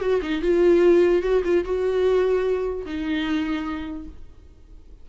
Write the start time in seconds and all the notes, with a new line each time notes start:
0.00 F#4
0.22 D#4
0.41 F4
1.22 F#4
1.44 F4
1.64 F#4
2.85 D#4